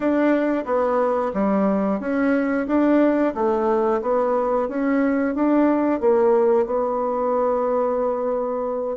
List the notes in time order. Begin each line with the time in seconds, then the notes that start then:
0.00 D4
0.65 B3
1.33 G3
2.00 C#4
2.67 D4
3.34 A3
4.02 B3
4.68 C#4
5.35 D4
6.00 A#3
6.65 B3